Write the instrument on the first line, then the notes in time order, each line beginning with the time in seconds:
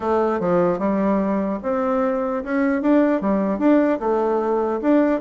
bassoon
0.00 A3
0.40 F3
0.78 G3
1.63 C4
2.44 C#4
2.82 D4
3.21 G3
3.59 D4
3.99 A3
4.81 D4